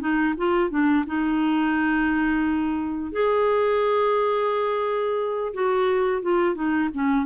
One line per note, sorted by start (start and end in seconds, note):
0.00 0.34 D#4
0.37 0.70 F4
0.70 1.05 D4
1.06 3.12 D#4
3.12 5.53 G#4
5.54 6.22 F#4
6.22 6.55 F4
6.55 6.89 D#4
6.94 7.25 C#4